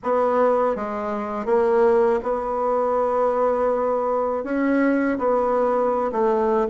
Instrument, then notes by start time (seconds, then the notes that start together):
bassoon
0.03 B3
0.75 G#3
1.45 A#3
2.22 B3
4.44 C#4
5.18 B3
6.11 A3